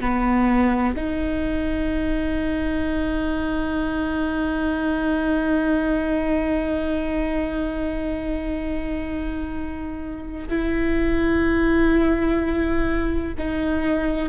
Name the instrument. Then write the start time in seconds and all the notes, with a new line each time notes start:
viola
0.00 B3
0.96 D#4
10.48 E4
13.38 D#4